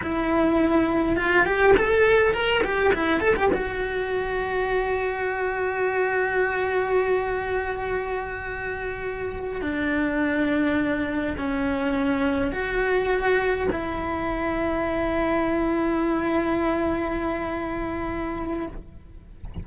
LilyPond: \new Staff \with { instrumentName = "cello" } { \time 4/4 \tempo 4 = 103 e'2 f'8 g'8 a'4 | ais'8 g'8 e'8 a'16 g'16 fis'2~ | fis'1~ | fis'1~ |
fis'8 d'2. cis'8~ | cis'4. fis'2 e'8~ | e'1~ | e'1 | }